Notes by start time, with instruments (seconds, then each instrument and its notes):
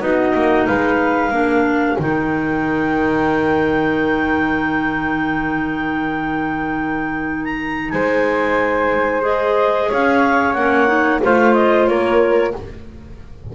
0.00 double bass B3, clarinet D#4 D#5, flute F#4
0.34 double bass A#3
0.66 double bass G#3, flute B4, clarinet F5
1.30 double bass A#3, clarinet D4, flute A#4
1.98 double bass D#3, clarinet D#4 G5
7.44 clarinet A#5
7.90 double bass G#3, flute C5, clarinet G#5
9.22 clarinet G#4 D#5
9.88 double bass C#4, flute C#5, clarinet F5
10.53 double bass A#3, clarinet C#4 F#5
10.87 clarinet D#4
11.22 double bass A3, clarinet F4 F5, flute C5
11.53 clarinet D#5
11.86 double bass A#3, flute A#4, clarinet C#5